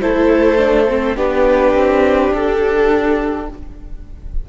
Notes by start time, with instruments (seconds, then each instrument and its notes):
0.00 cello A3, viola E4, violin A4 C5
0.57 viola D4
0.88 viola C4
1.15 cello B3, viola D4, violin G4 B4
1.74 cello C4
2.32 cello D4, violin A4